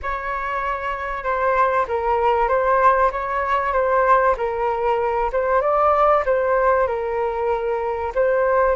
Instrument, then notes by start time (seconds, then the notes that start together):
flute
0.02 C#5
1.23 C5
1.88 A#4
2.48 C5
3.11 C#5
3.72 C5
4.37 A#4
5.32 C5
5.61 D5
6.25 C5
6.87 A#4
8.14 C5